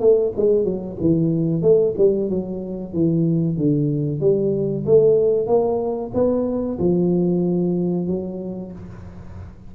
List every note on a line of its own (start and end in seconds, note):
0.00 0.32 A3
0.36 0.64 G#3
0.64 0.96 F#3
1.00 1.62 E3
1.62 1.94 A3
1.98 2.29 G3
2.29 2.93 F#3
2.93 3.57 E3
3.57 4.20 D3
4.20 4.85 G3
4.86 5.47 A3
5.47 6.11 A#3
6.14 6.78 B3
6.79 8.07 F3
8.07 8.72 F#3